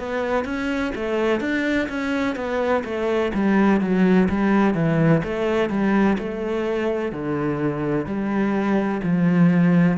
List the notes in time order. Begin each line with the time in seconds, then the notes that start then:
0.00 B3
0.45 C#4
0.96 A3
1.41 D4
1.89 C#4
2.36 B3
2.85 A3
3.35 G3
3.81 F#3
4.30 G3
4.75 E3
5.24 A3
5.70 G3
6.19 A3
7.13 D3
8.06 G3
9.04 F3